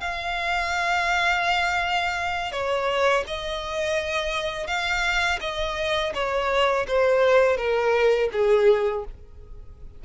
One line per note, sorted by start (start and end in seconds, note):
0.00 2.52 F5
2.52 3.24 C#5
3.27 4.67 D#5
4.67 5.39 F5
5.41 6.13 D#5
6.14 6.86 C#5
6.87 7.57 C5
7.57 8.29 A#4
8.32 9.04 G#4